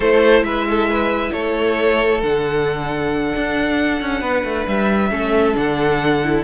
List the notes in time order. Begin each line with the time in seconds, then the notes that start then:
0.00 A3 E4 A4 C5
0.41 G#3 B4 E5
0.68 A4
0.90 B4
1.32 A3 A4 C#5
2.21 D3 D4 F#5
3.35 D4
4.01 C#4
4.20 B3 B4
4.44 A3
4.67 G3 E5
5.10 A3 C#4 A4
5.54 D3 D4 F#5
6.23 E4